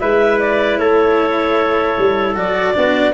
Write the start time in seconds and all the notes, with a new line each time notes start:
0.00 G#3 E4 B4 E5
0.40 D5
0.78 A3 A4 C#5
1.99 G3
2.36 F#3 F#4 D5
2.74 B3 D4 F#4